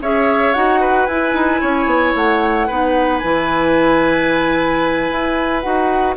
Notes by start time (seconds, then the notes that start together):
0.00 C#4 G#4 C#5 E5
0.53 D#4 F#4 F#5
0.80 B4
1.05 E4 G#5
1.33 D#4
1.60 C#4 C#5
1.85 B3
2.15 A3 F#5
2.67 B3 D#4 B4
3.18 E3 E4 G#5
5.11 E4
5.60 D#4 F#4 F#5